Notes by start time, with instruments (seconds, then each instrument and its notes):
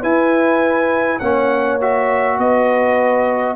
0.00 trombone E4, tuba E4, horn B4, trumpet G#5
1.19 tuba A#3, trombone C#4, horn C#5, trumpet F#5
1.80 trombone F#4, trumpet E5
2.38 tuba B3, horn B4, trumpet D#5